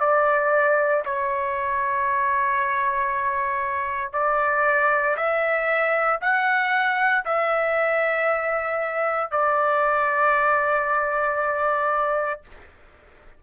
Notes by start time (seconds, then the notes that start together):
0.00 D5
1.06 C#5
4.13 D5
5.17 E5
6.21 F#5
7.26 E5
9.32 D5